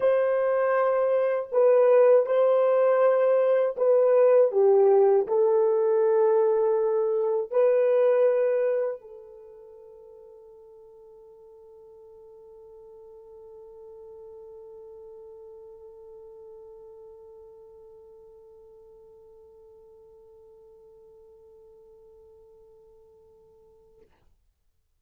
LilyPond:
\new Staff \with { instrumentName = "horn" } { \time 4/4 \tempo 4 = 80 c''2 b'4 c''4~ | c''4 b'4 g'4 a'4~ | a'2 b'2 | a'1~ |
a'1~ | a'1~ | a'1~ | a'1 | }